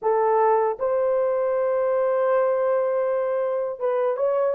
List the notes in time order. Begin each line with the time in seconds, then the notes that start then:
0.01 A4
0.79 C5
3.79 B4
4.16 C#5